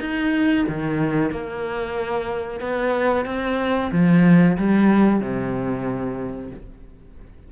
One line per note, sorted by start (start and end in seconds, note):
0.00 0.65 D#4
0.68 1.31 D#3
1.31 2.60 A#3
2.60 3.25 B3
3.25 3.90 C4
3.92 4.57 F3
4.57 5.20 G3
5.20 6.50 C3